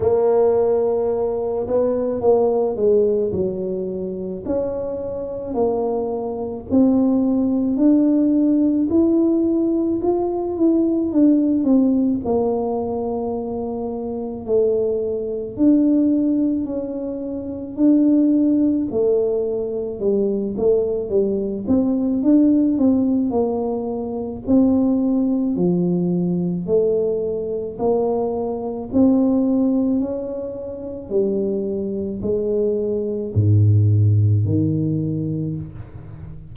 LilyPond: \new Staff \with { instrumentName = "tuba" } { \time 4/4 \tempo 4 = 54 ais4. b8 ais8 gis8 fis4 | cis'4 ais4 c'4 d'4 | e'4 f'8 e'8 d'8 c'8 ais4~ | ais4 a4 d'4 cis'4 |
d'4 a4 g8 a8 g8 c'8 | d'8 c'8 ais4 c'4 f4 | a4 ais4 c'4 cis'4 | g4 gis4 gis,4 dis4 | }